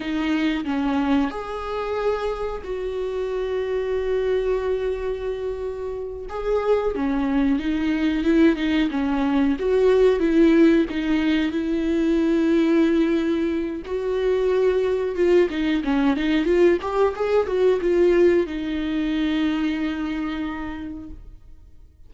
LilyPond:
\new Staff \with { instrumentName = "viola" } { \time 4/4 \tempo 4 = 91 dis'4 cis'4 gis'2 | fis'1~ | fis'4. gis'4 cis'4 dis'8~ | dis'8 e'8 dis'8 cis'4 fis'4 e'8~ |
e'8 dis'4 e'2~ e'8~ | e'4 fis'2 f'8 dis'8 | cis'8 dis'8 f'8 g'8 gis'8 fis'8 f'4 | dis'1 | }